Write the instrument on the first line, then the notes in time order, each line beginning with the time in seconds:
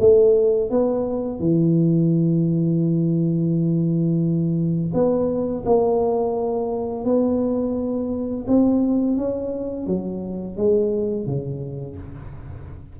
tuba
0.00 A3
0.71 B3
1.40 E3
4.94 B3
5.65 A#3
7.05 B3
8.47 C4
9.17 C#4
9.87 F#3
10.57 G#3
11.26 C#3